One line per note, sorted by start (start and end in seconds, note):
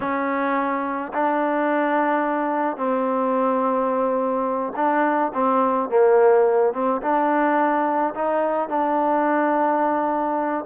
0.00 1.12 C#4
1.13 2.77 D4
2.77 4.73 C4
4.76 5.32 D4
5.33 5.89 C4
5.89 6.73 A#3
6.73 7.01 C4
7.01 8.14 D4
8.14 8.68 D#4
8.68 10.64 D4